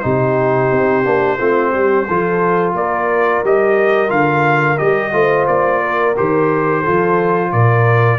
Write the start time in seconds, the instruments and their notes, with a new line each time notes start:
0.00 tuba C3, trombone D#4, horn G4, trumpet C5
0.72 tuba C4
1.04 tuba A#3, trombone D4
1.38 tuba A3, trombone C4, horn F4
1.71 tuba G3, horn G4
2.08 tuba F3, trombone F4, horn A4
2.74 tuba A#3, horn A#4, trumpet D5
3.44 tuba G3, trombone G4, trumpet D#5
4.08 tuba D3, trombone F4, trumpet F5
4.78 tuba G3, trombone G4, trumpet D#5
5.12 tuba A3, trombone F4, horn C5
5.48 tuba A#3, trumpet D5
5.82 horn A#4
6.17 tuba D#3, trombone G4, trumpet C5
6.81 trombone F4, horn A4
6.88 tuba F3
7.52 tuba A#2, horn A#4, trumpet D5